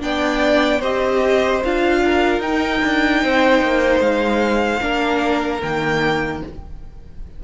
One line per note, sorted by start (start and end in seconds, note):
0.00 0.82 B3
0.00 0.80 D4
0.00 0.80 D5
0.00 0.82 G5
0.80 1.62 C4
0.80 1.62 G4
0.80 2.00 C5
0.80 1.63 D#5
1.64 2.40 D4
1.64 2.43 F4
1.64 2.42 F5
2.04 3.23 A#4
2.40 2.80 D#4
2.40 4.81 D#4
2.40 4.01 G5
2.84 3.24 D4
3.23 3.62 C4
3.23 4.83 C5
3.62 4.00 A#3
4.00 4.80 G#3
4.00 5.61 F5
4.81 5.62 A#3
4.81 5.61 D4
4.81 6.43 A#4
5.62 6.43 D#3
5.62 6.44 A#3
5.62 6.43 G5